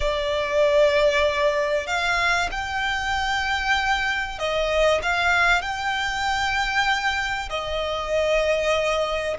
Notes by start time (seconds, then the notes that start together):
0.00 D5
1.87 F5
2.51 G5
4.38 D#5
5.02 F5
5.61 G5
7.49 D#5